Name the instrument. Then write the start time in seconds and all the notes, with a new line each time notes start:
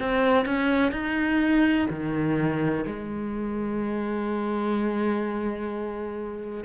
cello
0.00 C4
0.46 C#4
0.92 D#4
1.90 D#3
2.87 G#3